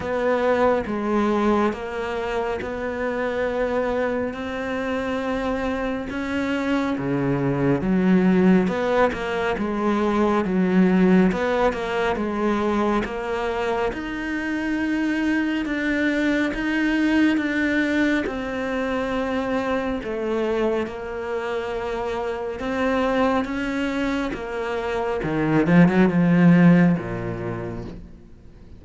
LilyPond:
\new Staff \with { instrumentName = "cello" } { \time 4/4 \tempo 4 = 69 b4 gis4 ais4 b4~ | b4 c'2 cis'4 | cis4 fis4 b8 ais8 gis4 | fis4 b8 ais8 gis4 ais4 |
dis'2 d'4 dis'4 | d'4 c'2 a4 | ais2 c'4 cis'4 | ais4 dis8 f16 fis16 f4 ais,4 | }